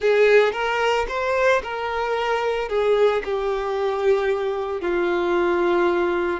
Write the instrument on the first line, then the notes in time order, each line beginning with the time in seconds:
violin
0.00 G#4
0.52 A#4
1.08 C5
1.63 A#4
2.68 G#4
3.24 G4
4.81 F4